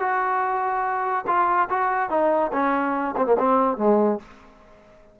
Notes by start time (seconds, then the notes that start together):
0.00 F#4
1.27 F4
1.70 F#4
2.10 D#4
2.52 C#4
3.17 C4
3.26 A#3
3.39 C4
3.78 G#3